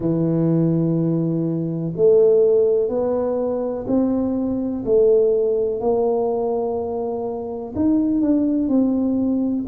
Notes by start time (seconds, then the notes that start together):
0.00 E3
1.96 A3
2.89 B3
3.87 C4
4.85 A3
5.80 A#3
7.75 D#4
8.21 D4
8.68 C4